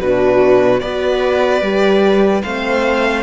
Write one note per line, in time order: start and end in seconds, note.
0.00 0.82 B2
0.00 0.82 D4
0.00 0.82 F#4
0.00 0.80 B4
0.80 1.62 B3
0.80 1.63 F#4
0.80 2.43 B4
0.80 2.42 D5
1.62 2.43 G3
1.62 2.44 G4
2.43 3.23 A3
2.43 3.23 C4
2.43 3.23 C5
2.43 3.23 F5